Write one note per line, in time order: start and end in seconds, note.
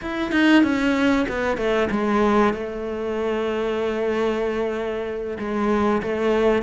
0.01 0.31 E4
0.31 0.63 D#4
0.63 1.26 C#4
1.28 1.57 B3
1.57 1.88 A3
1.90 2.53 G#3
2.53 5.37 A3
5.38 6.01 G#3
6.02 6.62 A3